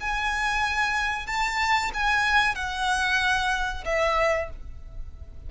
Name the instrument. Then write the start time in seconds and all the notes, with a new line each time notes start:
violin
0.00 G#5
1.27 A5
1.94 G#5
2.55 F#5
3.85 E5